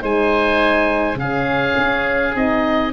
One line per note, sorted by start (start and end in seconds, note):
0.00 1.14 G#3
0.00 1.17 D#4
0.00 1.18 C5
0.00 1.19 G#5
1.14 1.73 C#3
1.14 2.93 G#4
1.14 2.35 F5
1.21 2.34 C#4
1.76 2.35 C#4
2.34 2.93 C4
2.34 2.93 D#4
2.34 2.93 D#5